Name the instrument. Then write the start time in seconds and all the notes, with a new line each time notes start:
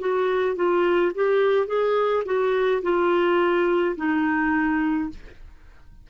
clarinet
0.00 F#4
0.56 F4
1.15 G4
1.67 G#4
2.26 F#4
2.83 F4
3.97 D#4